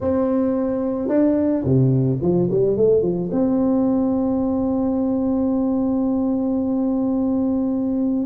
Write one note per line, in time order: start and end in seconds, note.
0.01 1.08 C4
1.08 1.63 D4
1.64 2.19 C3
2.21 2.49 F3
2.50 2.76 G3
2.76 3.02 A3
3.02 3.29 F3
3.31 8.25 C4